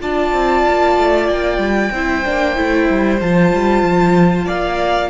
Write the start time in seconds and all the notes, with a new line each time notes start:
0.00 D4 F4 D5 A5
0.33 C4
0.69 A#3
0.98 A3
1.28 A#3 G5
1.58 G3
1.92 C4 E4 C5
2.25 A#3 D4
2.55 A3 E4
2.90 G3
3.21 F3 F4 A5
3.53 G3
3.83 F3
4.46 A#3 D5 F5